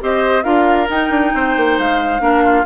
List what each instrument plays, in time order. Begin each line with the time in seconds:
0.00 bassoon C4, clarinet G4, oboe C5, flute D#5
0.43 bassoon D4, clarinet F4, oboe A#4, flute F5
0.87 clarinet D#4, bassoon D#4, flute G5
1.10 bassoon D4
1.34 bassoon C4, oboe C5
1.56 bassoon A#3
1.78 bassoon G#3, flute F5
2.19 bassoon A#3, clarinet D4, oboe A#4
2.43 oboe F4